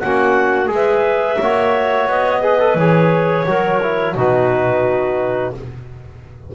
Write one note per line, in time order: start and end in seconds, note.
0.00 0.69 A#3
0.00 0.67 C#4
0.00 0.71 F#4
0.00 0.69 F#5
0.67 1.38 G#3
0.67 1.36 G#4
0.75 1.41 B4
0.75 2.09 E5
1.41 2.07 A#3
1.41 2.42 F#4
1.41 2.42 C#5
2.07 2.75 B3
2.07 2.78 D#5
2.42 2.59 G#4
2.42 3.45 B4
2.60 2.77 A4
2.75 3.44 E3
2.75 3.47 G#4
2.75 4.16 C#5
3.47 4.15 F#3
3.47 3.81 F#4
3.47 4.15 A#4
3.83 4.17 E4
4.15 5.53 B2
4.15 5.55 D#4
4.15 5.53 F#4
4.15 5.55 B4